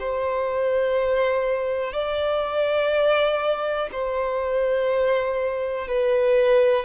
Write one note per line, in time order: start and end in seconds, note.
0.00 1.93 C5
1.93 3.90 D5
3.92 5.88 C5
5.88 6.85 B4